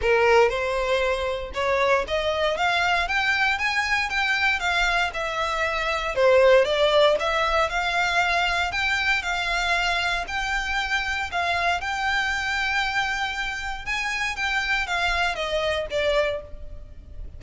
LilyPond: \new Staff \with { instrumentName = "violin" } { \time 4/4 \tempo 4 = 117 ais'4 c''2 cis''4 | dis''4 f''4 g''4 gis''4 | g''4 f''4 e''2 | c''4 d''4 e''4 f''4~ |
f''4 g''4 f''2 | g''2 f''4 g''4~ | g''2. gis''4 | g''4 f''4 dis''4 d''4 | }